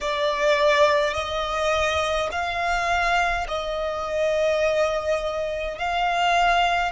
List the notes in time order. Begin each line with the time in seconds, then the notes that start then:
0.00 D5
1.13 D#5
2.31 F5
3.48 D#5
5.78 F5